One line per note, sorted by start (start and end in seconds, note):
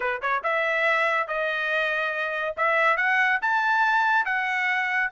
0.00 0.21 B4
0.21 0.43 C#5
0.43 1.27 E5
1.27 2.55 D#5
2.56 2.97 E5
2.97 3.39 F#5
3.41 4.25 A5
4.25 5.10 F#5